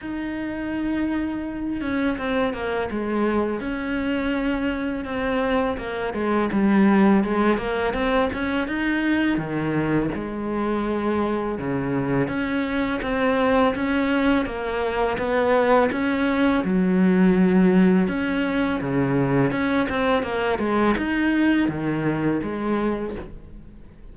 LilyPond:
\new Staff \with { instrumentName = "cello" } { \time 4/4 \tempo 4 = 83 dis'2~ dis'8 cis'8 c'8 ais8 | gis4 cis'2 c'4 | ais8 gis8 g4 gis8 ais8 c'8 cis'8 | dis'4 dis4 gis2 |
cis4 cis'4 c'4 cis'4 | ais4 b4 cis'4 fis4~ | fis4 cis'4 cis4 cis'8 c'8 | ais8 gis8 dis'4 dis4 gis4 | }